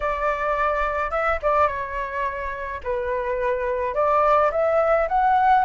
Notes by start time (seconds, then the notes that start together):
0.00 D5
1.10 E5
1.42 D5
1.67 C#5
2.83 B4
3.94 D5
4.51 E5
5.08 F#5